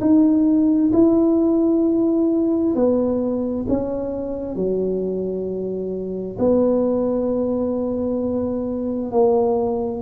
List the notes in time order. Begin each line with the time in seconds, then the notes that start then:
0.00 D#4
0.93 E4
2.75 B3
3.68 C#4
4.55 F#3
6.38 B3
9.11 A#3